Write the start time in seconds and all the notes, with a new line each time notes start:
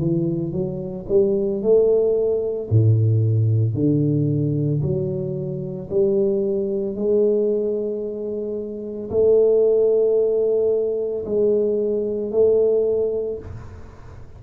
0.00 E3
0.53 F#3
1.09 G3
1.63 A3
2.70 A2
3.75 D3
4.82 F#3
5.90 G3
6.96 G#3
9.11 A3
11.26 G#3
12.32 A3